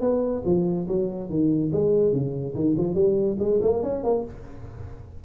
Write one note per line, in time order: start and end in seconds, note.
0.00 0.42 B3
0.45 0.87 F3
0.88 1.29 F#3
1.29 1.71 D#3
1.72 2.12 G#3
2.12 2.54 C#3
2.55 2.76 D#3
2.77 2.95 F3
2.95 3.37 G3
3.39 3.60 G#3
3.62 3.83 A#3
3.83 4.03 C#4
4.03 4.24 A#3